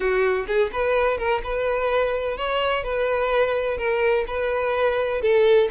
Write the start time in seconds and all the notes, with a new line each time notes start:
0.00 F#4
0.47 G#4
0.72 B4
1.18 A#4
1.43 B4
2.37 C#5
2.83 B4
3.77 A#4
4.27 B4
5.21 A4